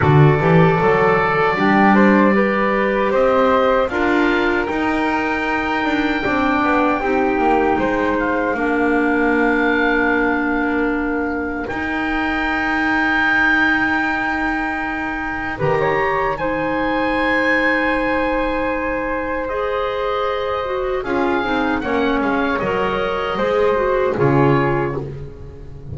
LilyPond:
<<
  \new Staff \with { instrumentName = "oboe" } { \time 4/4 \tempo 4 = 77 d''1 | dis''4 f''4 g''2~ | g''2~ g''8 f''4.~ | f''2. g''4~ |
g''1 | ais''4 gis''2.~ | gis''4 dis''2 f''4 | fis''8 f''8 dis''2 cis''4 | }
  \new Staff \with { instrumentName = "flute" } { \time 4/4 a'2 g'8 c''8 b'4 | c''4 ais'2. | d''4 g'4 c''4 ais'4~ | ais'1~ |
ais'1 | b'16 cis''8. c''2.~ | c''2. gis'4 | cis''2 c''4 gis'4 | }
  \new Staff \with { instrumentName = "clarinet" } { \time 4/4 fis'8 g'8 a'4 d'4 g'4~ | g'4 f'4 dis'2 | d'4 dis'2 d'4~ | d'2. dis'4~ |
dis'1 | g'4 dis'2.~ | dis'4 gis'4. fis'8 f'8 dis'8 | cis'4 ais'4 gis'8 fis'8 f'4 | }
  \new Staff \with { instrumentName = "double bass" } { \time 4/4 d8 e8 fis4 g2 | c'4 d'4 dis'4. d'8 | c'8 b8 c'8 ais8 gis4 ais4~ | ais2. dis'4~ |
dis'1 | dis4 gis2.~ | gis2. cis'8 c'8 | ais8 gis8 fis4 gis4 cis4 | }
>>